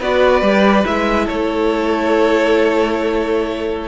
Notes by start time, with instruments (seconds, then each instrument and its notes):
0.00 cello B3, viola F#4, violin B4 D5
0.41 cello G3, viola G4
0.85 cello G#3, viola E4, violin E5
1.24 cello A3, violin A4 C#5